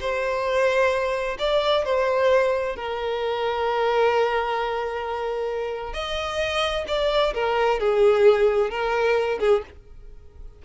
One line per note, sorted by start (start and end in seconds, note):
0.00 1.37 C5
1.39 1.85 D5
1.85 2.76 C5
2.76 5.93 A#4
5.93 6.85 D#5
6.88 7.34 D5
7.34 7.80 A#4
7.80 8.70 G#4
8.70 9.39 A#4
9.40 9.63 G#4